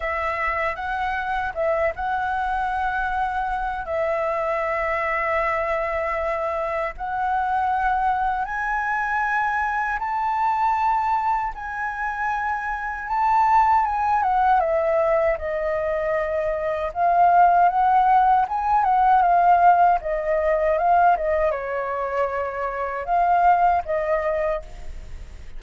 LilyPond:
\new Staff \with { instrumentName = "flute" } { \time 4/4 \tempo 4 = 78 e''4 fis''4 e''8 fis''4.~ | fis''4 e''2.~ | e''4 fis''2 gis''4~ | gis''4 a''2 gis''4~ |
gis''4 a''4 gis''8 fis''8 e''4 | dis''2 f''4 fis''4 | gis''8 fis''8 f''4 dis''4 f''8 dis''8 | cis''2 f''4 dis''4 | }